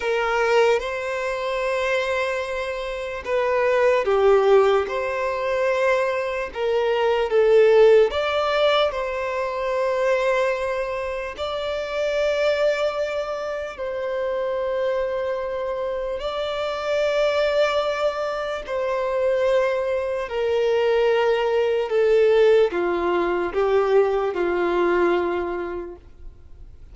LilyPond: \new Staff \with { instrumentName = "violin" } { \time 4/4 \tempo 4 = 74 ais'4 c''2. | b'4 g'4 c''2 | ais'4 a'4 d''4 c''4~ | c''2 d''2~ |
d''4 c''2. | d''2. c''4~ | c''4 ais'2 a'4 | f'4 g'4 f'2 | }